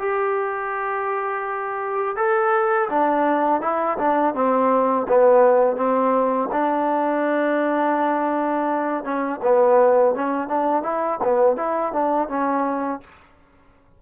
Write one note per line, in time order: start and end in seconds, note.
0.00 2.17 G4
2.17 2.89 A4
2.90 3.62 D4
3.62 3.98 E4
3.99 4.35 D4
4.35 5.07 C4
5.09 5.77 B3
5.77 6.49 C4
6.53 9.05 D4
9.05 9.41 C#4
9.43 10.15 B3
10.15 10.49 C#4
10.49 10.83 D4
10.83 11.19 E4
11.24 11.57 B3
11.57 11.93 E4
11.93 12.29 D4
12.29 13.01 C#4